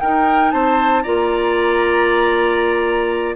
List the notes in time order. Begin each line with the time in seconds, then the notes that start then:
0.00 D#4 A#4 G5
0.52 C4 C5 A5
1.03 A#3 F4 D5 A#5